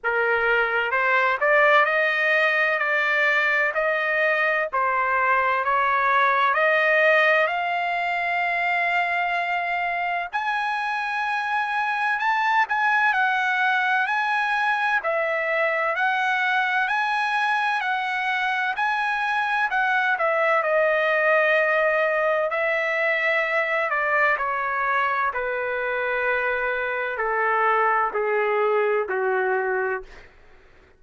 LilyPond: \new Staff \with { instrumentName = "trumpet" } { \time 4/4 \tempo 4 = 64 ais'4 c''8 d''8 dis''4 d''4 | dis''4 c''4 cis''4 dis''4 | f''2. gis''4~ | gis''4 a''8 gis''8 fis''4 gis''4 |
e''4 fis''4 gis''4 fis''4 | gis''4 fis''8 e''8 dis''2 | e''4. d''8 cis''4 b'4~ | b'4 a'4 gis'4 fis'4 | }